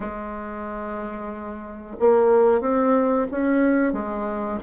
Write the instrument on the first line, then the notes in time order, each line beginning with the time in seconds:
bassoon
0.00 G#3
1.99 A#3
2.60 C4
3.31 C#4
3.92 G#3